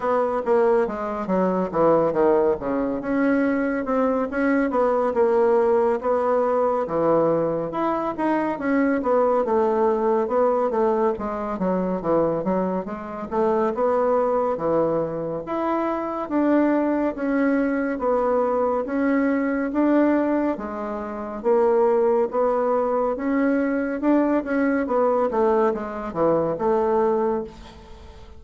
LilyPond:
\new Staff \with { instrumentName = "bassoon" } { \time 4/4 \tempo 4 = 70 b8 ais8 gis8 fis8 e8 dis8 cis8 cis'8~ | cis'8 c'8 cis'8 b8 ais4 b4 | e4 e'8 dis'8 cis'8 b8 a4 | b8 a8 gis8 fis8 e8 fis8 gis8 a8 |
b4 e4 e'4 d'4 | cis'4 b4 cis'4 d'4 | gis4 ais4 b4 cis'4 | d'8 cis'8 b8 a8 gis8 e8 a4 | }